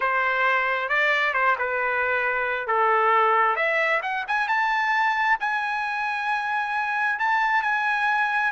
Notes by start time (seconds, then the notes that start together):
0.00 C5
0.88 D5
1.33 C5
1.58 B4
2.67 A4
3.56 E5
4.02 F#5
4.27 G#5
4.48 A5
5.40 G#5
7.19 A5
7.62 G#5